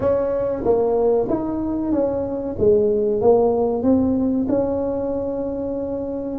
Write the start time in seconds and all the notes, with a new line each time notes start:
0.00 C#4
0.64 A#3
1.29 D#4
1.92 C#4
2.59 G#3
3.21 A#3
3.82 C4
4.49 C#4